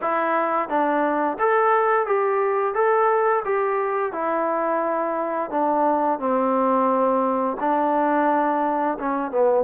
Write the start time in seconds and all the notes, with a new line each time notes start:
0.01 E4
0.68 D4
1.39 A4
2.06 G4
2.74 A4
3.45 G4
4.12 E4
5.50 D4
6.19 C4
7.60 D4
8.99 C#4
9.31 B3